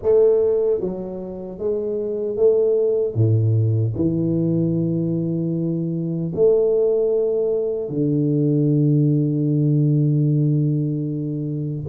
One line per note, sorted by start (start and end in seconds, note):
0.02 0.80 A3
0.80 1.58 F#3
1.58 2.36 G#3
2.36 3.14 A3
3.14 3.93 A2
3.95 6.32 E3
6.34 7.89 A3
7.89 11.84 D3